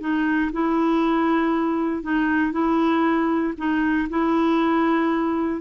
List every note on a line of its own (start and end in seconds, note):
0.00 0.51 D#4
0.52 2.02 E4
2.02 2.52 D#4
2.52 3.53 E4
3.57 4.08 D#4
4.09 5.61 E4